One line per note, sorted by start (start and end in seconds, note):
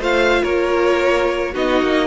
0.00 0.42 A3
0.00 1.53 F4
0.00 0.41 C5
0.00 0.43 F5
0.41 1.55 A#3
0.41 1.52 A#4
0.41 1.54 C#5
1.52 1.81 B3
1.52 2.07 D#4
1.52 2.07 F#4
1.52 2.07 D#5
1.81 2.07 A#3